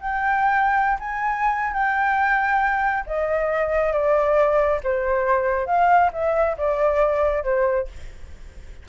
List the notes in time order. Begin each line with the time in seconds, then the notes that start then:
0.00 G5
1.00 G#5
1.73 G5
3.06 D#5
3.93 D5
4.84 C5
5.67 F5
6.13 E5
6.58 D5
7.44 C5